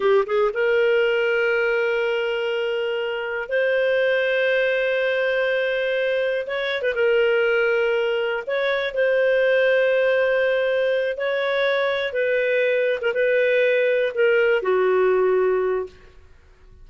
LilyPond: \new Staff \with { instrumentName = "clarinet" } { \time 4/4 \tempo 4 = 121 g'8 gis'8 ais'2.~ | ais'2. c''4~ | c''1~ | c''4 cis''8. b'16 ais'2~ |
ais'4 cis''4 c''2~ | c''2~ c''8 cis''4.~ | cis''8 b'4.~ b'16 ais'16 b'4.~ | b'8 ais'4 fis'2~ fis'8 | }